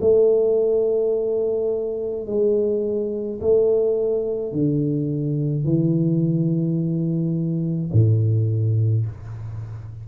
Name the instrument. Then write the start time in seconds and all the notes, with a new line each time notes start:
tuba
0.00 A3
2.26 G#3
3.40 A3
4.52 D3
5.64 E3
7.92 A2